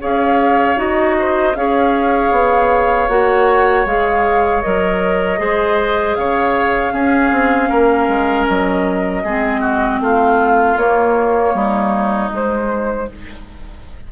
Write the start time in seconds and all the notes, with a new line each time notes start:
0.00 C#4 G#4 C#5 F5
0.76 D#4 F#4 D#5
1.19 C5
1.55 C#4 G#4 C#5 F5
2.31 B3
3.08 A#3 F#4 F#5
3.85 G#3 G#4 F5
4.62 F#3 A#4 D#5
5.37 G#3 G#4 C5
6.15 C#3 C#5 F5
6.92 C#4 G#4
7.31 C4
7.69 A#3 A#4
8.07 G#3
8.47 F#3 D#5
9.23 G#3 C4 G#4
9.60 F#4
10.00 A3 F4 F5
10.76 A#3 C#5
11.53 G3 D#4
12.30 G#3 C5